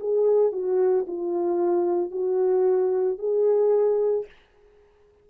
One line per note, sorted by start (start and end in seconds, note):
0.00 0.52 G#4
0.52 1.05 F#4
1.07 2.11 F4
2.11 3.18 F#4
3.18 4.25 G#4